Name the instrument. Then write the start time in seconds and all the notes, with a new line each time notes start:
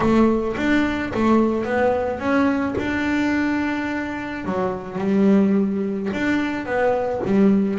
double bass
0.00 A3
0.56 D4
1.13 A3
1.64 B3
2.19 C#4
2.78 D4
4.44 F#3
4.98 G3
6.13 D4
6.65 B3
7.25 G3